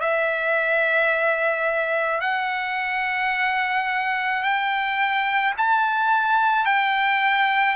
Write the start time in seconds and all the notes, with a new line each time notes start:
0.00 E5
2.20 F#5
4.42 G5
5.57 A5
6.65 G5